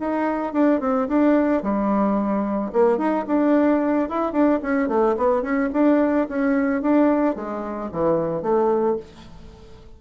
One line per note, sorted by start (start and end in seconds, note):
0.00 0.53 D#4
0.53 0.80 D4
0.81 1.08 C4
1.08 1.63 D4
1.63 2.72 G3
2.73 2.98 A#3
2.98 3.25 D#4
3.27 4.09 D4
4.09 4.32 E4
4.32 4.60 D4
4.62 4.89 C#4
4.89 5.16 A3
5.17 5.42 B3
5.42 5.70 C#4
5.73 6.28 D4
6.29 6.82 C#4
6.82 7.36 D4
7.36 7.90 G#3
7.92 8.42 E3
8.42 8.97 A3